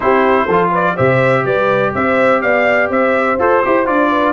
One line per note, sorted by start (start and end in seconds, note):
0.00 0.47 C4
0.00 0.48 E4
0.00 0.45 G4
0.00 0.70 C5
0.45 0.96 F3
0.45 0.96 F4
0.45 0.70 A4
0.70 0.94 B4
0.70 0.96 D5
0.96 1.45 C3
0.96 3.38 G4
0.96 1.44 C5
0.96 1.45 E5
1.45 1.93 G3
1.45 1.93 B4
1.45 1.93 D5
1.94 2.43 C4
1.94 2.42 C5
1.94 2.41 E5
2.41 2.89 B3
2.41 2.90 D5
2.41 2.89 F5
2.89 3.38 C4
2.89 4.10 C5
2.89 3.39 E5
3.38 3.62 F4
3.38 3.63 A4
3.38 3.86 C5
3.64 3.87 E4
3.64 3.85 G4
3.85 4.32 D4
3.85 4.32 F4
3.85 4.32 D5
4.10 4.32 B4